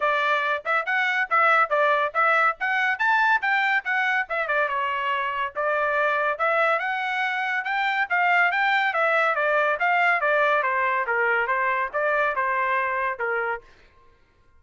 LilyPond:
\new Staff \with { instrumentName = "trumpet" } { \time 4/4 \tempo 4 = 141 d''4. e''8 fis''4 e''4 | d''4 e''4 fis''4 a''4 | g''4 fis''4 e''8 d''8 cis''4~ | cis''4 d''2 e''4 |
fis''2 g''4 f''4 | g''4 e''4 d''4 f''4 | d''4 c''4 ais'4 c''4 | d''4 c''2 ais'4 | }